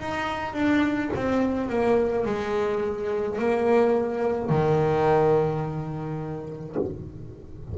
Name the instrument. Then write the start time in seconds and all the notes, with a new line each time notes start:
double bass
0.00 D#4
0.54 D4
1.16 C4
1.69 A#3
2.25 G#3
3.39 A#3
4.50 D#3